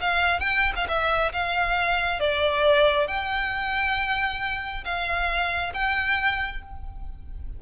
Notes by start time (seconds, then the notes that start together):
0.00 F5
0.39 G5
0.76 F5
0.88 E5
1.32 F5
2.19 D5
3.07 G5
4.84 F5
5.74 G5